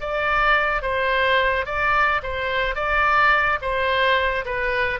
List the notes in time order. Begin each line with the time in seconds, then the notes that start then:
0.00 D5
0.82 C5
1.65 D5
2.22 C5
2.75 D5
3.61 C5
4.45 B4